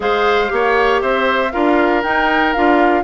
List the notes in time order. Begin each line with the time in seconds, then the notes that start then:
0.00 G#3 G#4 C5 F5
0.47 A#3 G4
0.54 C#5
1.01 C4 C5 E5
1.51 D4 F4 A#4 F5
2.02 D#4 G5
2.53 D4 F4 F5